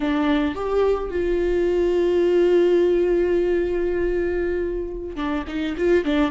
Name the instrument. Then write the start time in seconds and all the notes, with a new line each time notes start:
viola
0.00 D4
0.55 G4
1.10 F4
5.16 D4
5.47 D#4
5.77 F4
6.04 D4